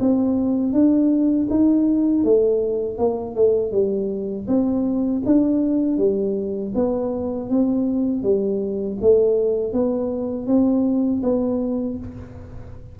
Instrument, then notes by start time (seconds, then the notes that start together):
tuba
0.00 C4
0.73 D4
1.50 D#4
2.24 A3
2.98 A#3
3.35 A3
3.72 G3
4.47 C4
5.26 D4
5.98 G3
6.75 B3
7.50 C4
8.23 G3
9.01 A3
9.73 B3
10.47 C4
11.23 B3